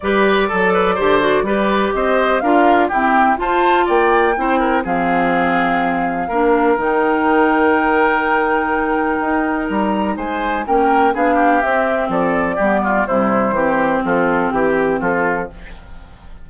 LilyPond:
<<
  \new Staff \with { instrumentName = "flute" } { \time 4/4 \tempo 4 = 124 d''1 | dis''4 f''4 g''4 a''4 | g''2 f''2~ | f''2 g''2~ |
g''1 | ais''4 gis''4 g''4 f''4 | e''4 d''2 c''4~ | c''4 a'4 g'4 a'4 | }
  \new Staff \with { instrumentName = "oboe" } { \time 4/4 b'4 a'8 b'8 c''4 b'4 | c''4 ais'4 g'4 c''4 | d''4 c''8 ais'8 gis'2~ | gis'4 ais'2.~ |
ais'1~ | ais'4 c''4 ais'4 gis'8 g'8~ | g'4 a'4 g'8 f'8 e'4 | g'4 f'4 g'4 f'4 | }
  \new Staff \with { instrumentName = "clarinet" } { \time 4/4 g'4 a'4 g'8 fis'8 g'4~ | g'4 f'4 c'4 f'4~ | f'4 e'4 c'2~ | c'4 d'4 dis'2~ |
dis'1~ | dis'2 cis'4 d'4 | c'2 b4 g4 | c'1 | }
  \new Staff \with { instrumentName = "bassoon" } { \time 4/4 g4 fis4 d4 g4 | c'4 d'4 e'4 f'4 | ais4 c'4 f2~ | f4 ais4 dis2~ |
dis2. dis'4 | g4 gis4 ais4 b4 | c'4 f4 g4 c4 | e4 f4 e4 f4 | }
>>